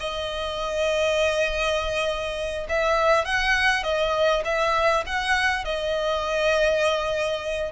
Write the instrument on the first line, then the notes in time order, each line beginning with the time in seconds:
violin
0.00 D#5
2.69 E5
3.25 F#5
3.84 D#5
4.45 E5
5.07 F#5
5.65 D#5